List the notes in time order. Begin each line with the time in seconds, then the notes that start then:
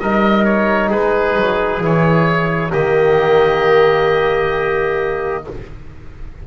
0.00 G3 D#4 A#4 D#5
0.45 C#5
0.90 G#3 G#4 B4
1.37 F#3
1.80 E3 E4 C#5
2.72 D#3 A#3 G4 D#5